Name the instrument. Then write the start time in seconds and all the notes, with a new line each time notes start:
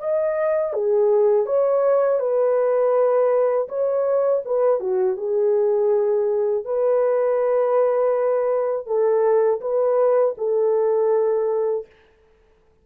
horn
0.00 D#5
0.74 G#4
1.46 C#5
2.20 B4
3.69 C#5
4.45 B4
4.80 F#4
5.17 G#4
6.65 B4
8.87 A4
9.61 B4
10.38 A4